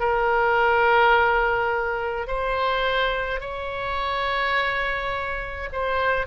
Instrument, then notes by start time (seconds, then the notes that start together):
oboe
0.00 A#4
2.28 C5
3.41 C#5
5.73 C5